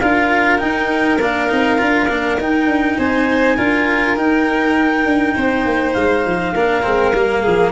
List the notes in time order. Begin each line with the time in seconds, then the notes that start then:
0.00 D4 F4 A#4 F5
0.59 D#4 G5
1.20 A#3 D4 F5
1.49 C4 D#4
1.78 D4 F4
2.09 A#3 D4
2.38 D#4 G5
2.67 D4
2.98 C4 C5 G#5
3.56 D4 F4 A#4
4.17 D#4 G5
5.06 D4
5.36 C4 C5
5.65 A#3
5.94 G#3 F5
6.26 F3
6.54 A#3 D4 A#4
6.83 G#3 C4
7.14 G3 A#3
7.42 F3 G#4